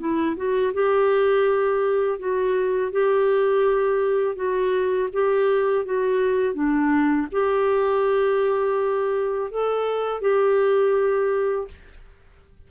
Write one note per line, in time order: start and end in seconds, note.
0.00 0.37 E4
0.37 0.74 F#4
0.74 2.19 G4
2.19 2.92 F#4
2.93 4.36 G4
4.36 5.10 F#4
5.14 5.86 G4
5.86 6.55 F#4
6.55 7.28 D4
7.32 9.51 G4
9.51 10.22 A4
10.22 11.68 G4